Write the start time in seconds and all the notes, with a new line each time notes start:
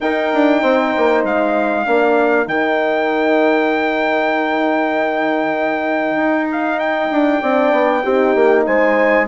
0.00 D#4 A#4 G5
0.33 D4
0.61 C4 C5
0.97 A#3
1.24 G#3 F5
1.85 A#3 D4 A#4
2.45 D#3 D#4 G5
6.16 D#4
6.51 F5
6.79 G5
7.11 D4
7.40 C4 D4 D5
7.72 B3
8.03 C4 D#4 G4
8.35 A#3
8.65 G#3 C5 G#5